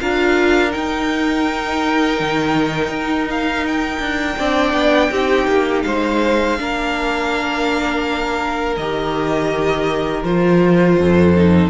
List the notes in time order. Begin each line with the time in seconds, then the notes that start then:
0.00 D4 F4 A#4 F5
0.70 D#4 G5
2.20 D#3
2.88 D#4
3.30 F5
3.67 G5
4.00 D4
4.38 C4 D4 D5
4.73 B3
5.11 C4 D#4 G4
5.47 A#3
5.82 G#3 C5 F5
6.57 A#3 D4 A#4
8.77 D#3 G4 D#5
10.23 F3 F4 C5
10.99 F2 A4
11.36 D#4